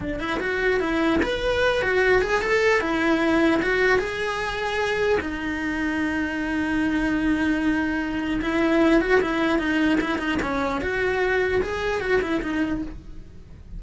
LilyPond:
\new Staff \with { instrumentName = "cello" } { \time 4/4 \tempo 4 = 150 d'8 e'8 fis'4 e'4 b'4~ | b'8 fis'4 gis'8 a'4 e'4~ | e'4 fis'4 gis'2~ | gis'4 dis'2.~ |
dis'1~ | dis'4 e'4. fis'8 e'4 | dis'4 e'8 dis'8 cis'4 fis'4~ | fis'4 gis'4 fis'8 e'8 dis'4 | }